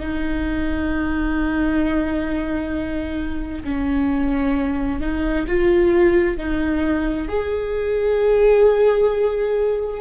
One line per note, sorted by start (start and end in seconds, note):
0.00 3.64 D#4
3.64 5.01 C#4
5.01 5.46 D#4
5.48 6.38 F4
6.38 7.29 D#4
7.29 10.01 G#4